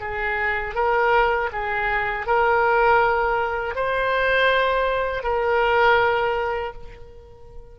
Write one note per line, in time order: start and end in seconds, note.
0.00 0.75 G#4
0.75 1.50 A#4
1.52 2.26 G#4
2.26 3.75 A#4
3.75 5.23 C5
5.23 6.73 A#4